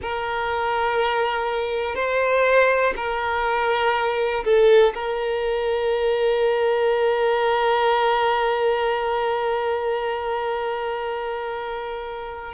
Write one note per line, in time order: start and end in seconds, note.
0.01 1.94 A#4
1.94 2.93 C5
2.96 4.44 A#4
4.44 4.93 A4
4.94 12.53 A#4